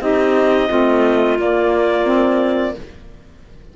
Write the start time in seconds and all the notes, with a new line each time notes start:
0.00 C4 D#4 G4 D#5
0.69 A3 C4 F4
1.38 A#3 D5
2.06 C4